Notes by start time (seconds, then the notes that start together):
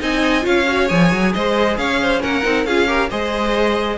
0.00 C4 D#4 D#5 G#5
0.42 C#4 F4 C#5 F5
0.68 F#4
0.89 F3 G#4 G#5
1.12 F#3
1.34 G#3 C5 D#5
1.77 C#4 C#5 F5
2.01 C5
2.20 A#3 C#4 A#4 F#5
2.43 C4 D#4
2.65 C#4 F4 G#4 F5
2.87 G4 A#4
3.10 G#3 G#4 C5 D#5